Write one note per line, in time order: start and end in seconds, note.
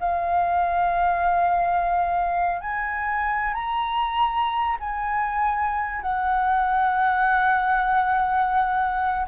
0.00 2.61 F5
2.61 3.54 G#5
3.54 4.78 A#5
4.80 6.02 G#5
6.02 9.27 F#5